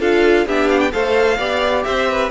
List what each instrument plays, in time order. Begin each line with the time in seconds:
0.00 cello D4, viola F4, violin A4 F5
0.46 cello B3, viola D4, violin G4 E5
0.69 violin F5
0.80 violin G5
0.92 cello A3, viola A4, violin C5 F5
1.37 cello B3, viola G4, violin D5
1.83 cello C4, violin C5 E5
2.10 violin B4